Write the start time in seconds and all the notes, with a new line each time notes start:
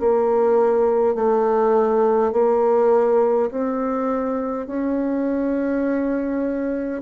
0.00 A#3
1.16 A3
2.33 A#3
3.51 C4
4.67 C#4